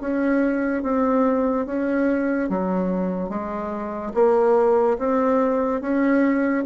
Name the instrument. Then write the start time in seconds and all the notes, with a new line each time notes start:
bassoon
0.00 C#4
0.83 C4
1.66 C#4
2.49 F#3
3.29 G#3
4.14 A#3
4.98 C4
5.81 C#4